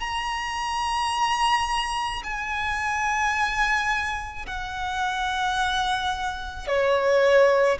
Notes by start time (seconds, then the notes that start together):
0.00 A#5
2.24 G#5
4.46 F#5
6.67 C#5